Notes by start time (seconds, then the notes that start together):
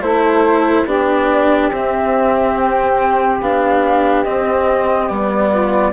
0.00 A3 E4 A4 C5
0.85 B3 D4 G4 D5
1.71 C4 E5
2.57 G5
3.41 B3 D4 F5
4.24 C4 D#5
5.08 G3 B3 D5
5.50 F4